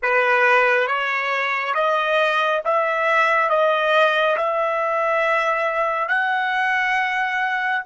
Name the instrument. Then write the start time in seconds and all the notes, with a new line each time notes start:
trumpet
0.02 B4
0.87 C#5
1.74 D#5
2.64 E5
3.49 D#5
4.37 E5
6.08 F#5